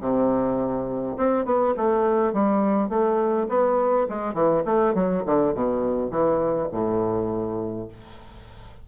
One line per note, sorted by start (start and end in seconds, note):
0.00 1.17 C3
1.17 1.45 C4
1.45 1.74 B3
1.77 2.33 A3
2.33 2.89 G3
2.89 3.47 A3
3.49 4.07 B3
4.09 4.34 G#3
4.34 4.63 E3
4.65 4.94 A3
4.94 5.23 F#3
5.26 5.54 D3
5.54 6.10 B2
6.10 6.69 E3
6.71 7.88 A2